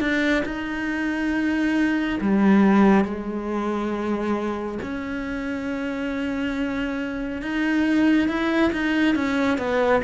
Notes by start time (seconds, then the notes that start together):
0.00 D4
0.45 D#4
2.21 G3
3.05 G#3
4.83 C#4
7.42 D#4
8.28 E4
8.73 D#4
9.15 C#4
9.58 B3